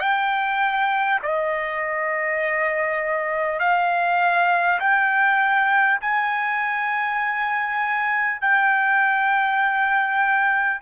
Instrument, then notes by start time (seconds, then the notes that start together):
trumpet
0.00 G5
1.23 D#5
3.59 F5
4.80 G5
6.01 G#5
8.41 G5